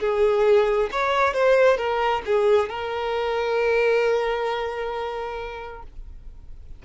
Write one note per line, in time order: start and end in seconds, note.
0.00 0.90 G#4
0.92 1.34 C#5
1.34 1.77 C5
1.77 2.22 A#4
2.26 2.69 G#4
2.69 5.83 A#4